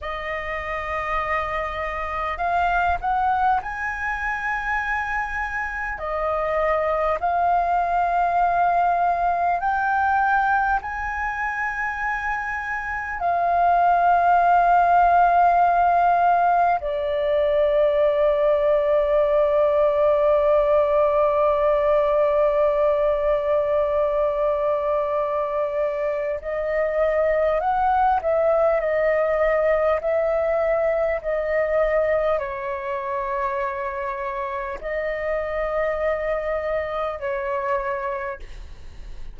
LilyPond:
\new Staff \with { instrumentName = "flute" } { \time 4/4 \tempo 4 = 50 dis''2 f''8 fis''8 gis''4~ | gis''4 dis''4 f''2 | g''4 gis''2 f''4~ | f''2 d''2~ |
d''1~ | d''2 dis''4 fis''8 e''8 | dis''4 e''4 dis''4 cis''4~ | cis''4 dis''2 cis''4 | }